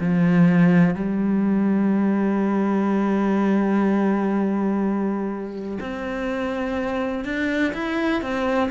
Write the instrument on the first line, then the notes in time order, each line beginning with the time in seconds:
cello
0.00 F3
0.95 G3
5.81 C4
7.25 D4
7.74 E4
8.22 C4